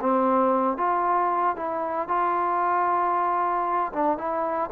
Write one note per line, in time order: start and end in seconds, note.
0.00 0.77 C4
0.77 1.56 F4
1.56 2.08 E4
2.08 3.92 F4
3.92 4.17 D4
4.17 4.70 E4